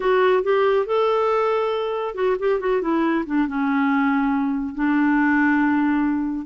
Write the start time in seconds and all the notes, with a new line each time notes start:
0.00 F#4
0.43 G4
0.85 A4
2.15 F#4
2.39 G4
2.60 F#4
2.81 E4
3.26 D4
3.47 C#4
4.75 D4